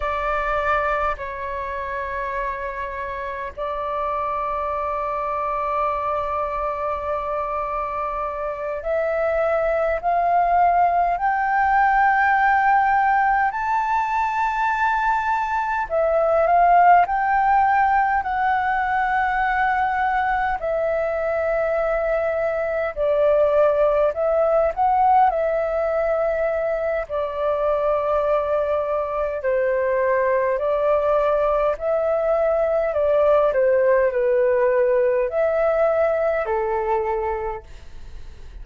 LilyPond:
\new Staff \with { instrumentName = "flute" } { \time 4/4 \tempo 4 = 51 d''4 cis''2 d''4~ | d''2.~ d''8 e''8~ | e''8 f''4 g''2 a''8~ | a''4. e''8 f''8 g''4 fis''8~ |
fis''4. e''2 d''8~ | d''8 e''8 fis''8 e''4. d''4~ | d''4 c''4 d''4 e''4 | d''8 c''8 b'4 e''4 a'4 | }